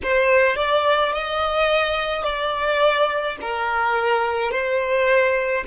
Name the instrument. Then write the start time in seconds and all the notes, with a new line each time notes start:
violin
0.03 C5
0.56 D5
1.13 D#5
2.23 D5
3.41 A#4
4.51 C5